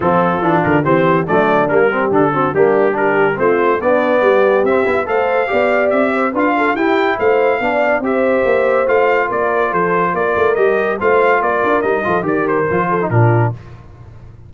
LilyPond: <<
  \new Staff \with { instrumentName = "trumpet" } { \time 4/4 \tempo 4 = 142 a'4. ais'8 c''4 d''4 | ais'4 a'4 g'4 ais'4 | c''4 d''2 e''4 | f''2 e''4 f''4 |
g''4 f''2 e''4~ | e''4 f''4 d''4 c''4 | d''4 dis''4 f''4 d''4 | dis''4 d''8 c''4. ais'4 | }
  \new Staff \with { instrumentName = "horn" } { \time 4/4 f'2 g'4 d'4~ | d'8 g'4 fis'8 d'4 g'4 | f'4 d'4 g'2 | c''4 d''4. c''8 b'8 a'8 |
g'4 c''4 d''4 c''4~ | c''2 ais'4 a'4 | ais'2 c''4 ais'4~ | ais'8 a'8 ais'4. a'8 f'4 | }
  \new Staff \with { instrumentName = "trombone" } { \time 4/4 c'4 d'4 c'4 a4 | ais8 c'8 d'8 c'8 ais4 d'4 | c'4 b2 c'8 e'8 | a'4 g'2 f'4 |
e'2 d'4 g'4~ | g'4 f'2.~ | f'4 g'4 f'2 | dis'8 f'8 g'4 f'8. dis'16 d'4 | }
  \new Staff \with { instrumentName = "tuba" } { \time 4/4 f4 e8 d8 e4 fis4 | g4 d4 g2 | a4 b4 g4 c'8 b8 | a4 b4 c'4 d'4 |
e'4 a4 b4 c'4 | ais4 a4 ais4 f4 | ais8 a8 g4 a4 ais8 d'8 | g8 f8 dis4 f4 ais,4 | }
>>